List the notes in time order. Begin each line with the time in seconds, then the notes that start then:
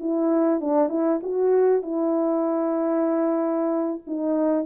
0.00 E4
0.61 D4
0.89 E4
1.23 F#4
1.83 E4
4.07 D#4